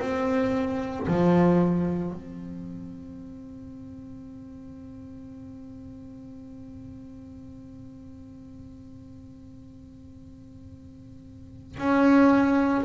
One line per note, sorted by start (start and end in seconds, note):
0.00 1.07 C4
1.08 2.13 F3
2.13 11.78 C4
11.78 12.85 C#4